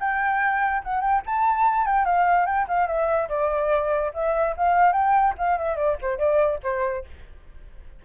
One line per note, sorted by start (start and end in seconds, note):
0.00 0.83 G5
0.83 1.01 F#5
1.01 1.22 G5
1.26 1.86 A5
1.86 2.05 G5
2.05 2.46 F5
2.46 2.66 G5
2.68 2.87 F5
2.87 3.28 E5
3.29 4.11 D5
4.14 4.55 E5
4.57 4.92 F5
4.92 5.34 G5
5.38 5.58 F5
5.58 5.76 E5
5.76 5.96 D5
6.02 6.18 C5
6.18 6.59 D5
6.63 7.04 C5